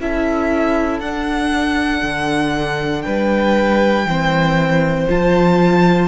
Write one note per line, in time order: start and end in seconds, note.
0.00 1.00 C#4
0.00 1.02 E4
0.00 3.05 A4
0.00 1.00 E5
1.00 2.01 D4
1.00 4.07 D4
1.00 3.01 F#5
2.02 3.04 D3
3.01 4.05 G3
3.01 4.07 B4
3.01 5.05 G5
4.05 5.06 E3
4.05 5.09 C4
4.05 6.08 C5
5.09 6.08 F3
5.09 6.08 F4
5.09 6.08 A5